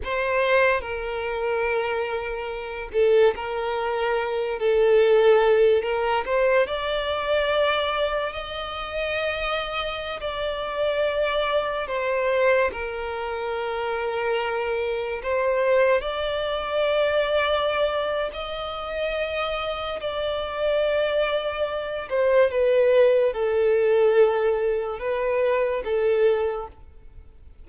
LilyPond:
\new Staff \with { instrumentName = "violin" } { \time 4/4 \tempo 4 = 72 c''4 ais'2~ ais'8 a'8 | ais'4. a'4. ais'8 c''8 | d''2 dis''2~ | dis''16 d''2 c''4 ais'8.~ |
ais'2~ ais'16 c''4 d''8.~ | d''2 dis''2 | d''2~ d''8 c''8 b'4 | a'2 b'4 a'4 | }